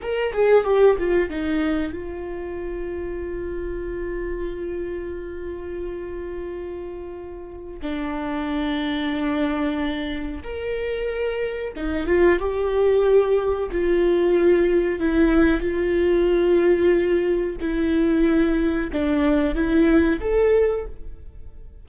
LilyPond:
\new Staff \with { instrumentName = "viola" } { \time 4/4 \tempo 4 = 92 ais'8 gis'8 g'8 f'8 dis'4 f'4~ | f'1~ | f'1 | d'1 |
ais'2 dis'8 f'8 g'4~ | g'4 f'2 e'4 | f'2. e'4~ | e'4 d'4 e'4 a'4 | }